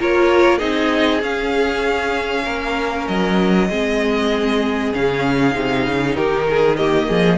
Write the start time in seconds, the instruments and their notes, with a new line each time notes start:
0.00 cello A#3, viola F4, violin A#4 C#5
0.59 cello C4, viola D#4, violin G#4 D#5
1.22 viola C#4, cello C#4, violin F5
2.45 cello A#3, violin A#4
3.08 cello F#3, violin D#5
3.69 cello G#3, viola C4, violin G#4
4.94 cello C#3, viola C#4, violin F5
5.52 cello C3, viola D#4
5.87 cello C#3
6.16 cello D#3, violin G4 A#4
6.50 violin G#4
6.77 viola A#3, violin G4 D#5
7.09 cello F3, violin G#4